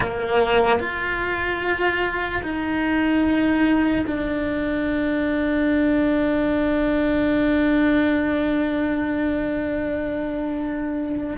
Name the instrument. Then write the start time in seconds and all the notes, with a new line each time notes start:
cello
0.00 A#3
0.79 F4
2.43 D#4
4.07 D4